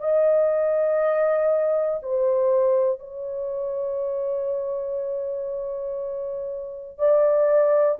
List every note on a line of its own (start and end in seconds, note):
0.00 2.00 D#5
2.02 2.99 C5
2.99 6.98 C#5
6.98 7.98 D5